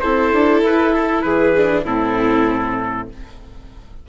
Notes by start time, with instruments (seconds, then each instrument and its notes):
0.00 bassoon C4, viola E4, violin A4, trumpet C5
0.33 bassoon D4
0.62 bassoon E4, trumpet B4
0.93 trumpet A4
1.21 bassoon E3, violin G#4, trumpet B4
1.56 viola D4
1.84 bassoon A2, viola C4, violin E4, trumpet A4